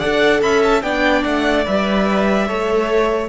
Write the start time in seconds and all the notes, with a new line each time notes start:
0.00 D4 A4 D5 F#5
0.42 C#4 E5 B5
0.63 A5
0.83 B3 D4 D5 G5
1.24 A3 F#5
1.66 G3 B4 E5
2.48 A3 A4 C#5